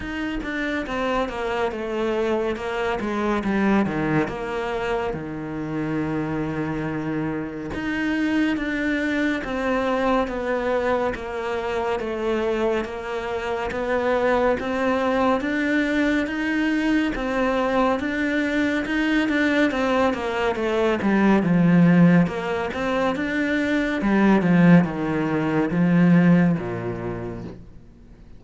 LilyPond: \new Staff \with { instrumentName = "cello" } { \time 4/4 \tempo 4 = 70 dis'8 d'8 c'8 ais8 a4 ais8 gis8 | g8 dis8 ais4 dis2~ | dis4 dis'4 d'4 c'4 | b4 ais4 a4 ais4 |
b4 c'4 d'4 dis'4 | c'4 d'4 dis'8 d'8 c'8 ais8 | a8 g8 f4 ais8 c'8 d'4 | g8 f8 dis4 f4 ais,4 | }